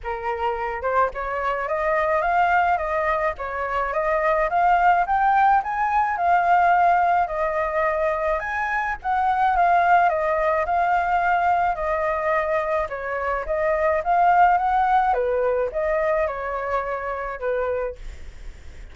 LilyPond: \new Staff \with { instrumentName = "flute" } { \time 4/4 \tempo 4 = 107 ais'4. c''8 cis''4 dis''4 | f''4 dis''4 cis''4 dis''4 | f''4 g''4 gis''4 f''4~ | f''4 dis''2 gis''4 |
fis''4 f''4 dis''4 f''4~ | f''4 dis''2 cis''4 | dis''4 f''4 fis''4 b'4 | dis''4 cis''2 b'4 | }